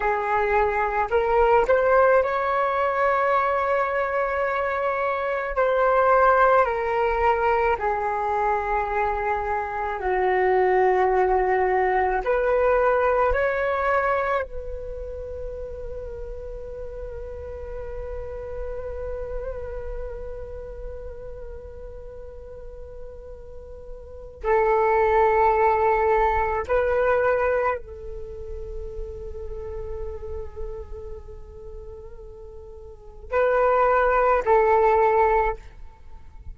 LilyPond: \new Staff \with { instrumentName = "flute" } { \time 4/4 \tempo 4 = 54 gis'4 ais'8 c''8 cis''2~ | cis''4 c''4 ais'4 gis'4~ | gis'4 fis'2 b'4 | cis''4 b'2.~ |
b'1~ | b'2 a'2 | b'4 a'2.~ | a'2 b'4 a'4 | }